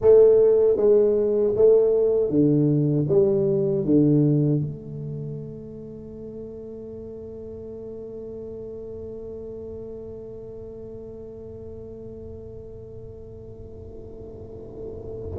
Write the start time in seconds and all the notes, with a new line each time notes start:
0.01 A3
0.76 G#3
1.55 A3
2.29 D3
3.08 G3
3.85 D3
4.60 A3